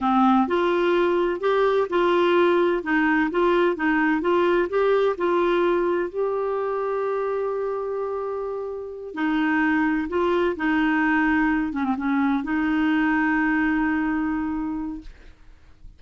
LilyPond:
\new Staff \with { instrumentName = "clarinet" } { \time 4/4 \tempo 4 = 128 c'4 f'2 g'4 | f'2 dis'4 f'4 | dis'4 f'4 g'4 f'4~ | f'4 g'2.~ |
g'2.~ g'8 dis'8~ | dis'4. f'4 dis'4.~ | dis'4 cis'16 c'16 cis'4 dis'4.~ | dis'1 | }